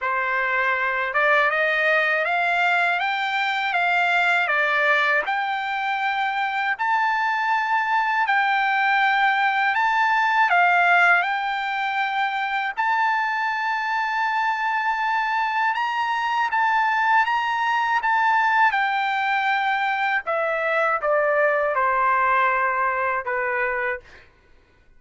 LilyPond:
\new Staff \with { instrumentName = "trumpet" } { \time 4/4 \tempo 4 = 80 c''4. d''8 dis''4 f''4 | g''4 f''4 d''4 g''4~ | g''4 a''2 g''4~ | g''4 a''4 f''4 g''4~ |
g''4 a''2.~ | a''4 ais''4 a''4 ais''4 | a''4 g''2 e''4 | d''4 c''2 b'4 | }